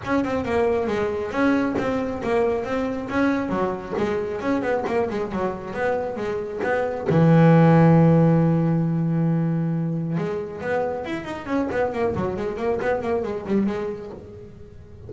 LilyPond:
\new Staff \with { instrumentName = "double bass" } { \time 4/4 \tempo 4 = 136 cis'8 c'8 ais4 gis4 cis'4 | c'4 ais4 c'4 cis'4 | fis4 gis4 cis'8 b8 ais8 gis8 | fis4 b4 gis4 b4 |
e1~ | e2. gis4 | b4 e'8 dis'8 cis'8 b8 ais8 fis8 | gis8 ais8 b8 ais8 gis8 g8 gis4 | }